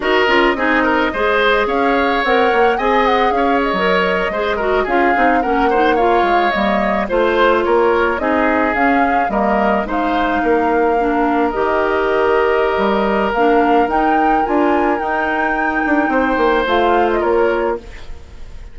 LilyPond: <<
  \new Staff \with { instrumentName = "flute" } { \time 4/4 \tempo 4 = 108 dis''2. f''4 | fis''4 gis''8 fis''8 f''8 dis''4.~ | dis''8. f''4 fis''4 f''4 dis''16~ | dis''8. c''4 cis''4 dis''4 f''16~ |
f''8. dis''4 f''2~ f''16~ | f''8. dis''2.~ dis''16 | f''4 g''4 gis''4 g''4~ | g''2 f''8. dis''16 cis''4 | }
  \new Staff \with { instrumentName = "oboe" } { \time 4/4 ais'4 gis'8 ais'8 c''4 cis''4~ | cis''4 dis''4 cis''4.~ cis''16 c''16~ | c''16 ais'8 gis'4 ais'8 c''8 cis''4~ cis''16~ | cis''8. c''4 ais'4 gis'4~ gis'16~ |
gis'8. ais'4 c''4 ais'4~ ais'16~ | ais'1~ | ais'1~ | ais'4 c''2 ais'4 | }
  \new Staff \with { instrumentName = "clarinet" } { \time 4/4 fis'8 f'8 dis'4 gis'2 | ais'4 gis'4.~ gis'16 ais'4 gis'16~ | gis'16 fis'8 f'8 dis'8 cis'8 dis'8 f'4 ais16~ | ais8. f'2 dis'4 cis'16~ |
cis'8. ais4 dis'2 d'16~ | d'8. g'2.~ g'16 | d'4 dis'4 f'4 dis'4~ | dis'2 f'2 | }
  \new Staff \with { instrumentName = "bassoon" } { \time 4/4 dis'8 cis'8 c'4 gis4 cis'4 | c'8 ais8 c'4 cis'8. fis4 gis16~ | gis8. cis'8 c'8 ais4. gis8 g16~ | g8. a4 ais4 c'4 cis'16~ |
cis'8. g4 gis4 ais4~ ais16~ | ais8. dis2~ dis16 g4 | ais4 dis'4 d'4 dis'4~ | dis'8 d'8 c'8 ais8 a4 ais4 | }
>>